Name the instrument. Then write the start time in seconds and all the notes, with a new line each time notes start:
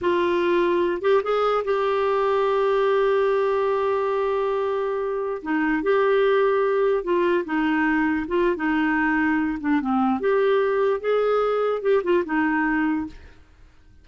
clarinet
0.01 F4
1.01 G4
1.23 G#4
1.64 G4
5.42 D#4
5.82 G4
7.03 F4
7.45 D#4
8.27 F4
8.56 D#4
9.60 D4
9.81 C4
10.20 G4
11.00 G#4
11.82 G4
12.03 F4
12.25 D#4